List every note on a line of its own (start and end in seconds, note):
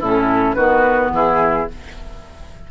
0.00 0.55 A2
0.00 0.58 C#4
0.00 0.56 E4
0.00 0.54 A4
0.54 1.11 D#3
0.54 1.69 B3
0.54 1.11 F#4
0.54 1.10 B4
1.11 1.67 E3
1.11 1.70 E4
1.11 1.71 G#4